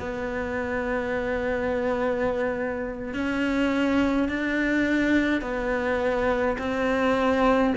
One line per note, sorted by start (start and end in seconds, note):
0.00 3.14 B3
3.14 4.29 C#4
4.29 5.42 D4
5.42 6.58 B3
6.59 7.74 C4